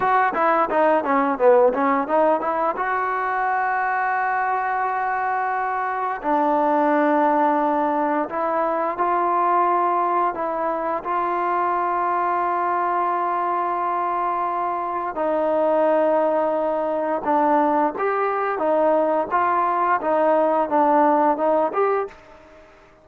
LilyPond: \new Staff \with { instrumentName = "trombone" } { \time 4/4 \tempo 4 = 87 fis'8 e'8 dis'8 cis'8 b8 cis'8 dis'8 e'8 | fis'1~ | fis'4 d'2. | e'4 f'2 e'4 |
f'1~ | f'2 dis'2~ | dis'4 d'4 g'4 dis'4 | f'4 dis'4 d'4 dis'8 g'8 | }